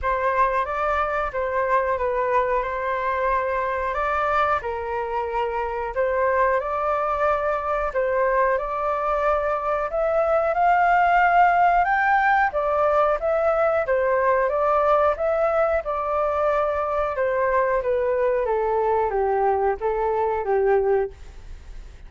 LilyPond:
\new Staff \with { instrumentName = "flute" } { \time 4/4 \tempo 4 = 91 c''4 d''4 c''4 b'4 | c''2 d''4 ais'4~ | ais'4 c''4 d''2 | c''4 d''2 e''4 |
f''2 g''4 d''4 | e''4 c''4 d''4 e''4 | d''2 c''4 b'4 | a'4 g'4 a'4 g'4 | }